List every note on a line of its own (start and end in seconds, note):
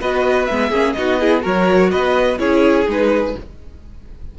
0.00 0.49 B3
0.00 0.48 F#4
0.00 0.69 B4
0.00 0.46 D#5
0.46 0.70 G#3
0.46 0.72 B3
0.46 0.93 E5
0.69 0.94 A#3
0.69 0.96 C#4
0.69 0.93 G#4
0.93 1.45 B3
0.93 1.20 D#4
0.93 1.19 F#4
0.93 1.40 D#5
1.19 1.41 E4
1.19 1.42 G#4
1.41 1.93 F#3
1.41 2.36 F#4
1.41 1.90 A#4
1.41 1.91 C#5
1.91 2.39 B3
1.91 2.38 B4
1.91 2.38 D#5
2.38 2.86 C#4
2.38 2.86 E4
2.38 3.35 G#4
2.38 2.86 C#5
2.86 3.35 G#3
2.86 3.34 D#4
2.86 3.39 B4